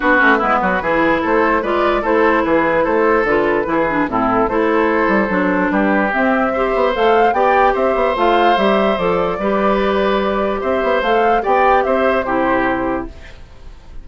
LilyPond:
<<
  \new Staff \with { instrumentName = "flute" } { \time 4/4 \tempo 4 = 147 b'2. c''4 | d''4 c''4 b'4 c''4 | b'2 a'4 c''4~ | c''2 b'4 e''4~ |
e''4 f''4 g''4 e''4 | f''4 e''4 d''2~ | d''2 e''4 f''4 | g''4 e''4 c''2 | }
  \new Staff \with { instrumentName = "oboe" } { \time 4/4 fis'4 e'8 fis'8 gis'4 a'4 | b'4 a'4 gis'4 a'4~ | a'4 gis'4 e'4 a'4~ | a'2 g'2 |
c''2 d''4 c''4~ | c''2. b'4~ | b'2 c''2 | d''4 c''4 g'2 | }
  \new Staff \with { instrumentName = "clarinet" } { \time 4/4 d'8 cis'8 b4 e'2 | f'4 e'2. | f'4 e'8 d'8 c'4 e'4~ | e'4 d'2 c'4 |
g'4 a'4 g'2 | f'4 g'4 a'4 g'4~ | g'2. a'4 | g'2 e'2 | }
  \new Staff \with { instrumentName = "bassoon" } { \time 4/4 b8 a8 gis8 fis8 e4 a4 | gis4 a4 e4 a4 | d4 e4 a,4 a4~ | a8 g8 fis4 g4 c'4~ |
c'8 b8 a4 b4 c'8 b8 | a4 g4 f4 g4~ | g2 c'8 b8 a4 | b4 c'4 c2 | }
>>